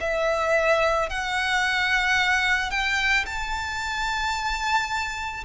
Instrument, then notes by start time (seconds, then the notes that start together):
violin
0.00 E5
1.09 F#5
2.70 G5
3.25 A5